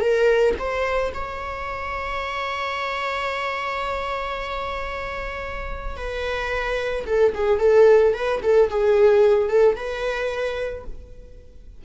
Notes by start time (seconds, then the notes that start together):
0.00 A#4
0.58 C5
1.14 C#5
5.96 B4
7.06 A4
7.34 G#4
7.59 A4
8.14 B4
8.43 A4
8.69 G#4
9.49 A4
9.76 B4